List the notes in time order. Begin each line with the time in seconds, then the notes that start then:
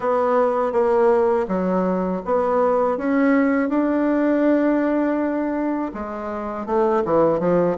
0.00 B3
0.72 A#3
1.47 F#3
2.25 B3
2.97 C#4
3.69 D4
5.94 G#3
6.66 A3
7.04 E3
7.39 F3